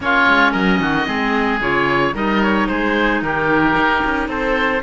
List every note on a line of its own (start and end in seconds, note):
0.00 0.25 A#3
0.00 1.05 C#4
0.00 0.51 F4
0.00 0.52 C#5
0.27 0.54 G#3
0.51 0.79 F#3
0.51 0.78 A#4
0.51 1.59 D#5
0.79 1.06 D#3
0.79 1.07 F#4
1.05 1.60 G#3
1.05 1.59 C4
1.05 2.14 G#4
1.60 2.14 C#3
1.60 2.13 F4
1.60 2.15 C#5
2.13 2.67 G3
2.13 4.81 D#4
2.13 2.68 A#4
2.13 2.42 D#5
2.42 2.67 C#5
2.67 3.21 G#3
2.67 3.23 G#4
2.67 3.21 C5
3.21 3.75 D#3
3.21 4.29 G4
3.21 4.29 A#4
3.76 4.03 D#4
4.04 4.28 C#4
4.28 4.81 C4
4.28 4.82 A4
4.28 4.83 C5